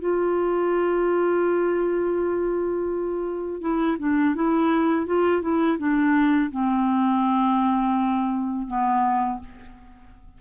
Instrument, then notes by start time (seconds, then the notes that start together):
clarinet
0.00 F4
3.61 E4
3.99 D4
4.35 E4
5.07 F4
5.42 E4
5.79 D4
6.52 C4
8.68 B3